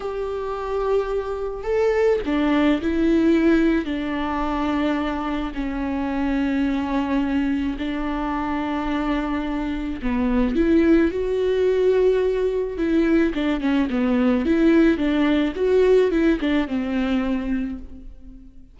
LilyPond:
\new Staff \with { instrumentName = "viola" } { \time 4/4 \tempo 4 = 108 g'2. a'4 | d'4 e'2 d'4~ | d'2 cis'2~ | cis'2 d'2~ |
d'2 b4 e'4 | fis'2. e'4 | d'8 cis'8 b4 e'4 d'4 | fis'4 e'8 d'8 c'2 | }